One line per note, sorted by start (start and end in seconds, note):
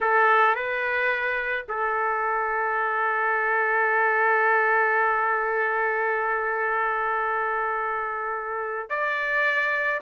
0.00 0.55 A4
0.55 1.66 B4
1.68 8.89 A4
8.89 10.01 D5